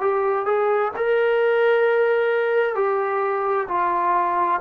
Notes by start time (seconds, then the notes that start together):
0.00 G4
0.45 G#4
0.96 A#4
2.75 G4
3.68 F4